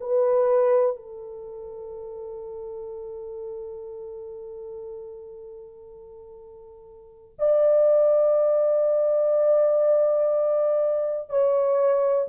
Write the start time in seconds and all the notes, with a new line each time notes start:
0.00 B4
0.96 A4
7.39 D5
11.29 C#5